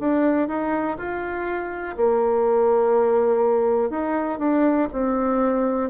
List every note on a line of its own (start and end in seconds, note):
0.00 0.48 D4
0.48 0.97 D#4
0.97 1.96 F4
1.97 3.90 A#3
3.90 4.39 D#4
4.39 4.88 D4
4.93 5.90 C4